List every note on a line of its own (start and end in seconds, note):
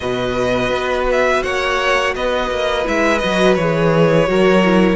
0.00 0.69 B2
0.00 2.83 F#4
0.00 1.43 B4
0.00 1.05 D#5
0.69 1.41 B3
1.11 1.43 E5
1.43 2.15 A#3
1.43 2.14 C#5
1.43 2.14 F#5
2.15 2.50 B3
2.15 4.29 B4
2.15 2.86 D#5
2.50 2.86 A#3
2.83 3.23 G#3
2.83 3.19 E4
2.83 3.18 E5
3.18 3.57 F#3
3.18 3.59 F#4
3.18 3.54 D#5
3.55 4.28 E3
3.55 4.26 G#4
3.55 4.96 C#5
4.26 4.96 F#3
4.26 4.62 F#4
4.26 4.96 A#4
4.64 4.96 E4